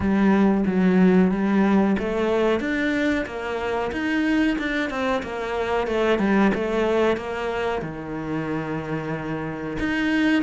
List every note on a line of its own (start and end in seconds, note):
0.00 0.64 G3
0.66 1.31 F#3
1.31 1.96 G3
1.98 2.59 A3
2.59 3.25 D4
3.25 3.91 A#3
3.92 4.57 D#4
4.58 4.89 D4
4.89 5.22 C4
5.22 5.87 A#3
5.87 6.18 A3
6.18 6.51 G3
6.54 7.17 A3
7.17 7.82 A#3
7.82 9.77 D#3
9.79 10.42 D#4